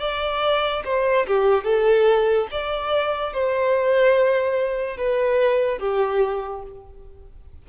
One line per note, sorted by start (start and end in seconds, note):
0.00 0.83 D5
0.85 1.27 C5
1.27 1.64 G4
1.64 2.48 A4
2.52 3.34 D5
3.34 4.98 C5
4.98 5.79 B4
5.79 6.62 G4